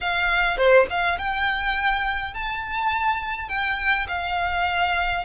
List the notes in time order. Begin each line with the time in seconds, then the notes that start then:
0.01 F5
0.57 C5
0.89 F5
1.18 G5
2.34 A5
3.48 G5
4.08 F5